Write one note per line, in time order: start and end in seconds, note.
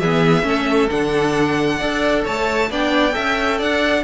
0.00 0.43 E3
0.00 0.43 B3
0.00 0.45 G#4
0.00 0.90 E5
0.43 0.88 A3
0.43 0.88 C#4
0.43 1.77 A4
0.90 1.81 D3
0.90 1.80 D4
0.90 2.24 F#5
1.77 2.26 D4
1.77 2.70 A4
1.77 2.22 D5
2.24 2.70 A3
2.24 2.69 C#5
2.24 2.72 A5
2.70 3.15 B3
2.70 3.12 D4
2.70 3.15 D5
2.70 3.62 G5
3.12 3.61 C#4
3.12 4.02 A4
3.12 3.58 E5
3.58 4.04 D4
3.58 4.03 D5
3.58 4.04 F#5